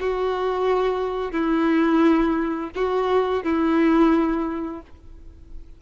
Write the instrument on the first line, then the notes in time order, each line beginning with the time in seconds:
violin
0.00 F#4
1.31 E4
2.75 F#4
3.43 E4